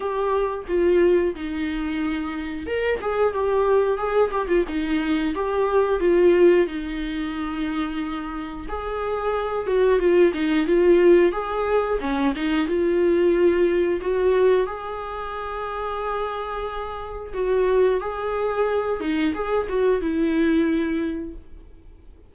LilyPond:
\new Staff \with { instrumentName = "viola" } { \time 4/4 \tempo 4 = 90 g'4 f'4 dis'2 | ais'8 gis'8 g'4 gis'8 g'16 f'16 dis'4 | g'4 f'4 dis'2~ | dis'4 gis'4. fis'8 f'8 dis'8 |
f'4 gis'4 cis'8 dis'8 f'4~ | f'4 fis'4 gis'2~ | gis'2 fis'4 gis'4~ | gis'8 dis'8 gis'8 fis'8 e'2 | }